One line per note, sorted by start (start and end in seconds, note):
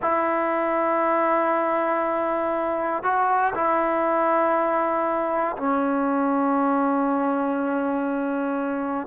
0.01 3.03 E4
3.03 3.53 F#4
3.54 5.56 E4
5.56 9.07 C#4